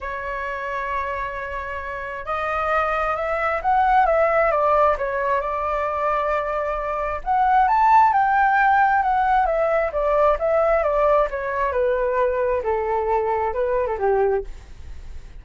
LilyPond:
\new Staff \with { instrumentName = "flute" } { \time 4/4 \tempo 4 = 133 cis''1~ | cis''4 dis''2 e''4 | fis''4 e''4 d''4 cis''4 | d''1 |
fis''4 a''4 g''2 | fis''4 e''4 d''4 e''4 | d''4 cis''4 b'2 | a'2 b'8. a'16 g'4 | }